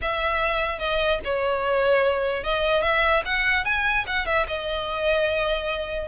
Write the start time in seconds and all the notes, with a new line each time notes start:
0.01 E5
0.79 D#5
1.24 C#5
2.43 D#5
2.82 E5
3.25 F#5
3.64 G#5
4.06 F#5
4.26 E5
4.47 D#5